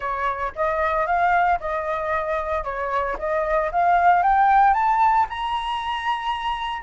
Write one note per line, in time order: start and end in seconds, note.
0.00 0.53 C#5
0.55 1.06 D#5
1.06 1.59 F5
1.60 2.64 D#5
2.64 3.16 C#5
3.18 3.71 D#5
3.71 4.22 F5
4.22 4.73 G5
4.73 5.26 A5
5.29 6.82 A#5